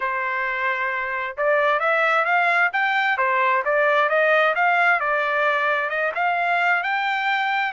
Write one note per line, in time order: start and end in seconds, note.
0.00 1.36 C5
1.37 1.79 D5
1.79 2.24 E5
2.24 2.70 F5
2.72 3.17 G5
3.17 3.63 C5
3.64 4.09 D5
4.09 4.54 D#5
4.55 4.99 F5
4.99 5.89 D5
5.89 6.12 D#5
6.14 6.83 F5
6.83 7.72 G5